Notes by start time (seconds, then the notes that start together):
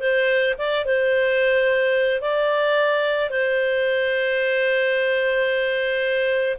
0.00 C5
0.58 D5
0.86 C5
2.21 D5
3.30 C5